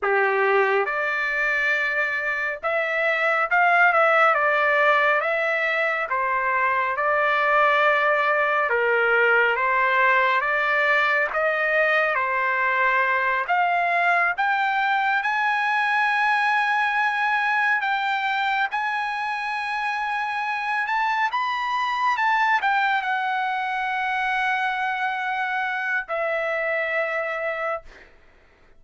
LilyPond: \new Staff \with { instrumentName = "trumpet" } { \time 4/4 \tempo 4 = 69 g'4 d''2 e''4 | f''8 e''8 d''4 e''4 c''4 | d''2 ais'4 c''4 | d''4 dis''4 c''4. f''8~ |
f''8 g''4 gis''2~ gis''8~ | gis''8 g''4 gis''2~ gis''8 | a''8 b''4 a''8 g''8 fis''4.~ | fis''2 e''2 | }